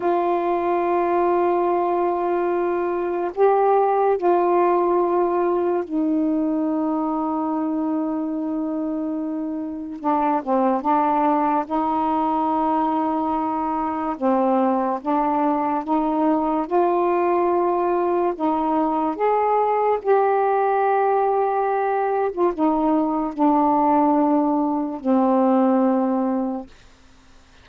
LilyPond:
\new Staff \with { instrumentName = "saxophone" } { \time 4/4 \tempo 4 = 72 f'1 | g'4 f'2 dis'4~ | dis'1 | d'8 c'8 d'4 dis'2~ |
dis'4 c'4 d'4 dis'4 | f'2 dis'4 gis'4 | g'2~ g'8. f'16 dis'4 | d'2 c'2 | }